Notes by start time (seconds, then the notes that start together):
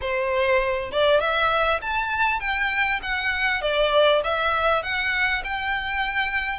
0.01 C5
0.91 D5
1.20 E5
1.81 A5
2.40 G5
3.02 F#5
3.61 D5
4.24 E5
4.82 F#5
5.44 G5